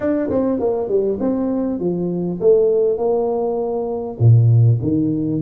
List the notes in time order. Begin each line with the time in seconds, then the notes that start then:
0.00 D4
0.29 C4
0.59 A#3
0.88 G3
1.20 C4
1.79 F3
2.40 A3
2.97 A#3
4.19 A#2
4.82 D#3